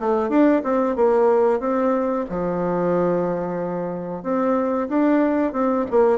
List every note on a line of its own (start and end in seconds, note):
0.00 0.30 A3
0.30 0.62 D4
0.63 0.96 C4
0.96 1.60 A#3
1.60 2.25 C4
2.29 4.23 F3
4.23 4.88 C4
4.89 5.53 D4
5.53 5.85 C4
5.91 6.18 A#3